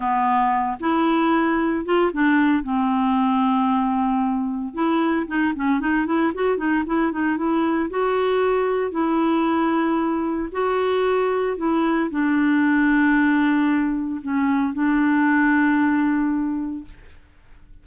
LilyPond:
\new Staff \with { instrumentName = "clarinet" } { \time 4/4 \tempo 4 = 114 b4. e'2 f'8 | d'4 c'2.~ | c'4 e'4 dis'8 cis'8 dis'8 e'8 | fis'8 dis'8 e'8 dis'8 e'4 fis'4~ |
fis'4 e'2. | fis'2 e'4 d'4~ | d'2. cis'4 | d'1 | }